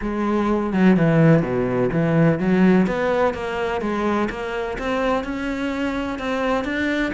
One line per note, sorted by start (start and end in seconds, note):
0.01 0.73 G#3
0.73 0.96 F#3
0.96 1.42 E3
1.42 1.90 B2
1.92 2.39 E3
2.39 2.86 F#3
2.86 3.33 B3
3.33 3.81 A#3
3.81 4.28 G#3
4.30 4.77 A#3
4.78 5.24 C4
5.24 6.18 C#4
6.18 6.64 C4
6.64 7.12 D4